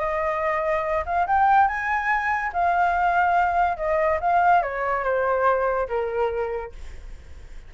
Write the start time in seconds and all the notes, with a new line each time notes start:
0.00 D#5
1.06 F5
1.27 G5
1.68 G#5
2.53 F5
3.77 D#5
4.21 F5
4.63 C#5
5.04 C5
5.89 A#4